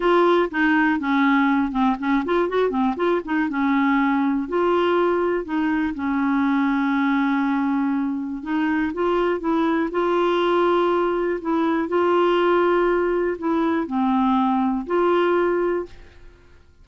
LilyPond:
\new Staff \with { instrumentName = "clarinet" } { \time 4/4 \tempo 4 = 121 f'4 dis'4 cis'4. c'8 | cis'8 f'8 fis'8 c'8 f'8 dis'8 cis'4~ | cis'4 f'2 dis'4 | cis'1~ |
cis'4 dis'4 f'4 e'4 | f'2. e'4 | f'2. e'4 | c'2 f'2 | }